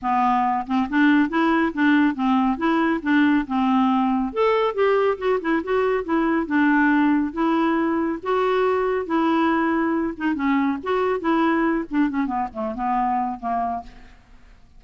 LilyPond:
\new Staff \with { instrumentName = "clarinet" } { \time 4/4 \tempo 4 = 139 b4. c'8 d'4 e'4 | d'4 c'4 e'4 d'4 | c'2 a'4 g'4 | fis'8 e'8 fis'4 e'4 d'4~ |
d'4 e'2 fis'4~ | fis'4 e'2~ e'8 dis'8 | cis'4 fis'4 e'4. d'8 | cis'8 b8 a8 b4. ais4 | }